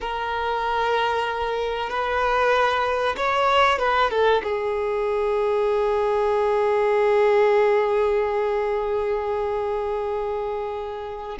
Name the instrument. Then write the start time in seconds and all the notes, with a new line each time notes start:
violin
0.00 A#4
1.89 B4
3.17 C#5
3.79 B4
4.10 A4
4.43 G#4